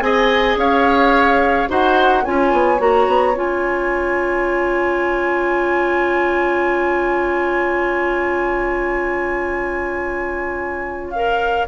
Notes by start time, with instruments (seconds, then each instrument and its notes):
0.00 bassoon C4, clarinet G#4, oboe D#5, flute G#5
0.56 bassoon C#4, oboe C#5, flute F5
1.68 bassoon D#4, clarinet F#4, oboe C5, flute F#5
2.23 bassoon C#4, clarinet F4, oboe C#5, flute G#5
2.52 bassoon B3
2.78 bassoon A#3, clarinet F#4, flute A#5
3.07 bassoon B3
3.34 bassoon C#4, clarinet F4, flute G#5
11.10 clarinet A#4, flute F5